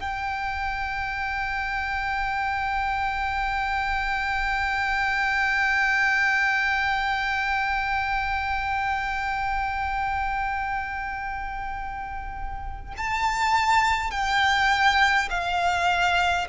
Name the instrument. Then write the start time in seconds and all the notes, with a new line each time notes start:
violin
0.00 G5
12.97 A5
14.11 G5
15.30 F5